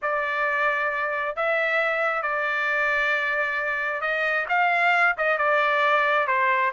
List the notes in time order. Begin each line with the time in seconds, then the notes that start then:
0.02 D5
1.36 E5
2.22 D5
4.01 D#5
4.48 F5
5.17 D#5
5.37 D5
6.27 C5